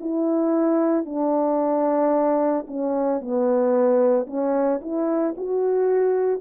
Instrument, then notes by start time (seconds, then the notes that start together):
horn
0.00 E4
1.06 D4
2.67 C#4
3.21 B3
4.27 C#4
4.82 E4
5.37 F#4